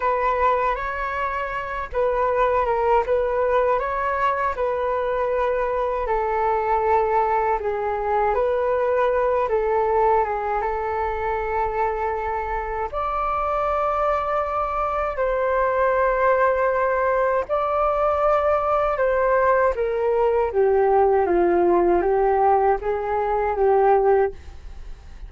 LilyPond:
\new Staff \with { instrumentName = "flute" } { \time 4/4 \tempo 4 = 79 b'4 cis''4. b'4 ais'8 | b'4 cis''4 b'2 | a'2 gis'4 b'4~ | b'8 a'4 gis'8 a'2~ |
a'4 d''2. | c''2. d''4~ | d''4 c''4 ais'4 g'4 | f'4 g'4 gis'4 g'4 | }